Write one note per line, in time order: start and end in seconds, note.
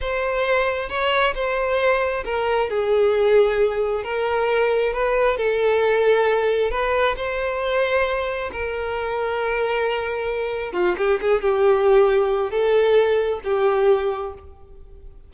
0.00 0.89 C5
0.89 1.34 C#5
1.34 2.24 C5
2.24 2.69 A#4
2.69 4.03 G#4
4.03 4.93 A#4
4.93 5.37 B4
5.37 6.70 A4
6.70 7.15 B4
7.16 8.50 C5
8.52 10.73 A#4
10.73 10.95 F4
10.97 11.20 G4
11.21 11.41 G#4
11.41 12.50 G4
12.50 13.40 A4
13.43 14.33 G4